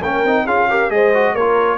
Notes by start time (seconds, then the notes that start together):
0.00 A#3 C#4 A#4 G5
0.24 C4 D#4
0.45 C#4 F4 G#4 F5
0.70 G4 A#4
0.90 G#3 G#4 C5 D#5
1.14 F#4
1.34 A#3 F4 A#4 C#5